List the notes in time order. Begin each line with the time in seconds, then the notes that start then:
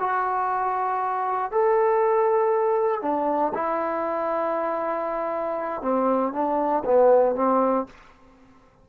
0.00 F#4
1.52 A4
3.02 D4
3.55 E4
5.82 C4
6.33 D4
6.85 B3
7.36 C4